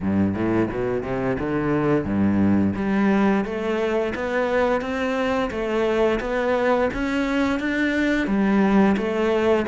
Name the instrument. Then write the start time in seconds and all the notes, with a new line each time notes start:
cello
0.01 G2
0.34 A2
0.70 B2
1.03 C3
1.39 D3
2.04 G2
2.75 G3
3.45 A3
4.14 B3
4.81 C4
5.50 A3
6.20 B3
6.93 C#4
7.59 D4
8.27 G3
8.97 A3